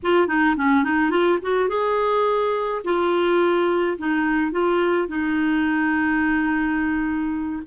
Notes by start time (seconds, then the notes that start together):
0.02 F4
0.27 D#4
0.56 C#4
0.83 D#4
1.10 F4
1.42 F#4
1.68 G#4
2.84 F4
3.98 D#4
4.51 F4
5.08 D#4